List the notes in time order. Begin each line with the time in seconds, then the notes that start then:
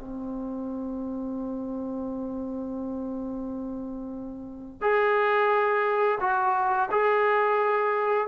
0.00 C4
4.82 G#4
6.21 F#4
6.92 G#4